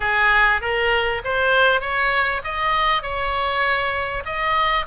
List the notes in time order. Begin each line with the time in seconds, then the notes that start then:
0.00 G#4
0.61 A#4
1.24 C5
1.80 C#5
2.44 D#5
3.02 C#5
4.25 D#5